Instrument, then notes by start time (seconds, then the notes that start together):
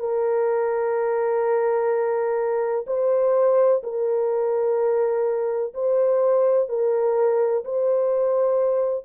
horn
0.00 A#4
2.87 C5
3.84 A#4
5.74 C5
6.69 A#4
7.65 C5